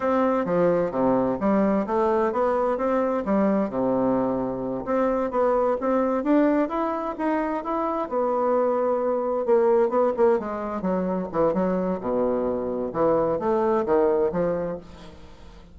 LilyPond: \new Staff \with { instrumentName = "bassoon" } { \time 4/4 \tempo 4 = 130 c'4 f4 c4 g4 | a4 b4 c'4 g4 | c2~ c8 c'4 b8~ | b8 c'4 d'4 e'4 dis'8~ |
dis'8 e'4 b2~ b8~ | b8 ais4 b8 ais8 gis4 fis8~ | fis8 e8 fis4 b,2 | e4 a4 dis4 f4 | }